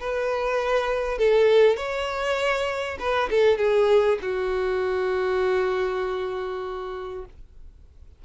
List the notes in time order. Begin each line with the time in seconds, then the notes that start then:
0.00 B4
1.19 A4
1.77 C#5
2.99 B4
3.31 A4
3.58 G#4
4.22 F#4